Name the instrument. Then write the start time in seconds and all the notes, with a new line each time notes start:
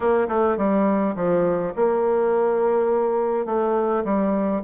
bassoon
0.00 A#3
0.28 A3
0.57 G3
1.15 F3
1.76 A#3
3.45 A3
4.04 G3